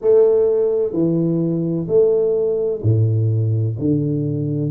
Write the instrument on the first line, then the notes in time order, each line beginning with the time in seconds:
tuba
0.01 A3
0.92 E3
1.87 A3
2.83 A2
3.78 D3